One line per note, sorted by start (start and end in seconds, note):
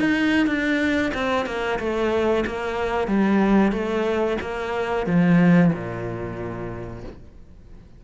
0.00 0.47 D#4
0.47 1.12 D4
1.14 1.46 C4
1.46 1.79 A#3
1.80 2.45 A3
2.47 3.08 A#3
3.08 3.72 G3
3.72 4.38 A3
4.42 5.07 A#3
5.07 5.72 F3
5.74 7.04 A#2